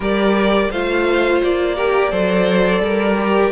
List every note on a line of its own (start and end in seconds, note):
0.00 0.69 G3
0.00 0.71 G4
0.00 0.71 A#4
0.00 0.71 D5
0.71 1.41 A3
0.71 1.76 F4
0.71 1.75 C5
0.71 1.41 F5
1.42 2.11 A#3
1.42 3.52 D5
1.75 2.11 G4
1.75 2.10 A#4
2.11 2.79 F#3
2.11 3.17 A4
2.11 2.81 C5
2.79 3.50 G3
2.79 3.52 A#4
3.18 3.52 G4